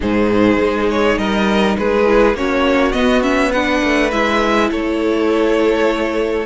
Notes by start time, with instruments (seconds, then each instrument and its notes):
0.00 cello G#2, viola D#4, violin G#4 C5
0.58 cello G#3
0.90 violin C#5
1.17 cello G3, violin A#4 D#5
1.77 cello G#3, violin G#4 B4
2.05 viola E4
2.34 cello A#3, viola C#4, violin F#4 C#5
2.92 cello B3, viola B3, violin D#5
3.22 viola C#4, violin E5
3.50 viola D4, violin B4 F#5
3.83 cello A3
4.11 cello G#3, viola E4, violin E5
4.71 cello A3, violin A4 C#5